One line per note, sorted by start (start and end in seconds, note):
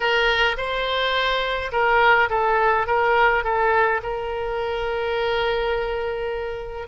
0.00 0.56 A#4
0.57 1.71 C5
1.71 2.29 A#4
2.29 2.86 A4
2.86 3.43 A#4
3.44 4.01 A4
4.02 6.87 A#4